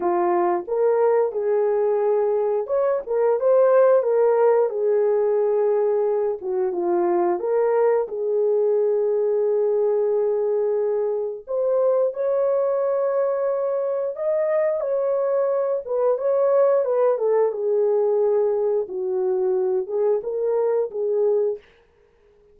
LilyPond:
\new Staff \with { instrumentName = "horn" } { \time 4/4 \tempo 4 = 89 f'4 ais'4 gis'2 | cis''8 ais'8 c''4 ais'4 gis'4~ | gis'4. fis'8 f'4 ais'4 | gis'1~ |
gis'4 c''4 cis''2~ | cis''4 dis''4 cis''4. b'8 | cis''4 b'8 a'8 gis'2 | fis'4. gis'8 ais'4 gis'4 | }